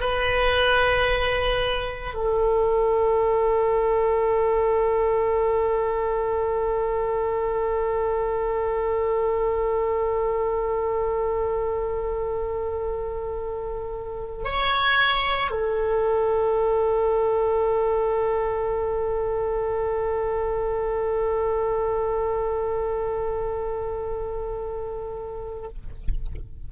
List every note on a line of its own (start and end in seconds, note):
0.00 2.14 B4
2.14 14.44 A4
14.44 15.51 C#5
15.51 25.69 A4